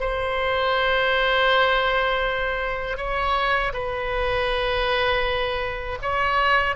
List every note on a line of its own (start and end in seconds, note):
0.00 2.97 C5
2.97 3.72 C#5
3.73 5.98 B4
6.02 6.75 C#5